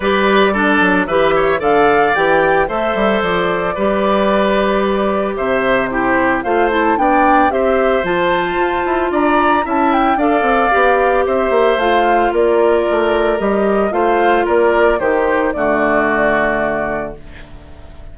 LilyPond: <<
  \new Staff \with { instrumentName = "flute" } { \time 4/4 \tempo 4 = 112 d''2 e''4 f''4 | g''4 e''4 d''2~ | d''2 e''4 c''4 | f''8 a''8 g''4 e''4 a''4~ |
a''4 ais''4 a''8 g''8 f''4~ | f''4 e''4 f''4 d''4~ | d''4 dis''4 f''4 d''4 | c''4 d''2. | }
  \new Staff \with { instrumentName = "oboe" } { \time 4/4 b'4 a'4 b'8 cis''8 d''4~ | d''4 c''2 b'4~ | b'2 c''4 g'4 | c''4 d''4 c''2~ |
c''4 d''4 e''4 d''4~ | d''4 c''2 ais'4~ | ais'2 c''4 ais'4 | g'4 fis'2. | }
  \new Staff \with { instrumentName = "clarinet" } { \time 4/4 g'4 d'4 g'4 a'4 | g'4 a'2 g'4~ | g'2. e'4 | f'8 e'8 d'4 g'4 f'4~ |
f'2 e'4 a'4 | g'2 f'2~ | f'4 g'4 f'2 | dis'4 a2. | }
  \new Staff \with { instrumentName = "bassoon" } { \time 4/4 g4. fis8 e4 d4 | e4 a8 g8 f4 g4~ | g2 c2 | a4 b4 c'4 f4 |
f'8 e'8 d'4 cis'4 d'8 c'8 | b4 c'8 ais8 a4 ais4 | a4 g4 a4 ais4 | dis4 d2. | }
>>